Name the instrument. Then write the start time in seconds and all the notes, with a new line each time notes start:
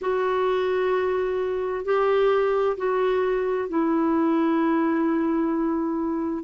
clarinet
0.01 F#4
1.84 G4
2.77 F#4
3.68 E4